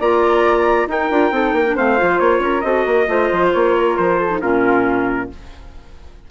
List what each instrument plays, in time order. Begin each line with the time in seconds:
0.00 bassoon A#3, clarinet F4, flute D5, trumpet A#5
0.87 bassoon D#4, clarinet D#4, flute A#4, trumpet G5
1.11 bassoon D4, clarinet F4
1.31 bassoon C4, clarinet D#4, flute A4
1.53 bassoon A#3, flute A#4
1.67 clarinet D4
1.76 bassoon A3, clarinet C4, flute C5, trumpet F5
1.98 bassoon F3, clarinet F4
2.20 bassoon A#3, trumpet C#5
2.40 bassoon C#4, flute A#4
2.62 bassoon C4, clarinet F#4, flute A4, trumpet D#5
2.86 bassoon A#3, flute A#4
3.08 bassoon A3, clarinet F4, flute C5
3.32 bassoon F3
3.53 bassoon A#3, trumpet C#5
3.78 flute A#4
3.97 bassoon F3, trumpet C5
4.20 flute A4
4.30 clarinet D#4
4.42 bassoon A#2, clarinet C#4, flute F4, trumpet A#4